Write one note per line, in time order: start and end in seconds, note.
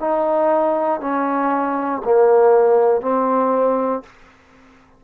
0.00 1.00 D#4
1.00 2.02 C#4
2.04 3.01 A#3
3.01 4.03 C4